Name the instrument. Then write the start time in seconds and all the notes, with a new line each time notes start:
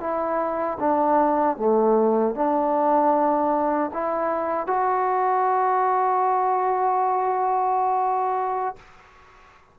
trombone
0.00 E4
0.79 D4
1.57 A3
2.35 D4
3.93 E4
4.67 F#4